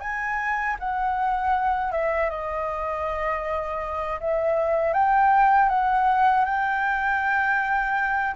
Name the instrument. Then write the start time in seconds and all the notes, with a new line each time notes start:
flute
0.00 G#5
0.79 F#5
1.92 E5
2.30 D#5
4.20 E5
4.93 G5
5.69 F#5
6.45 G5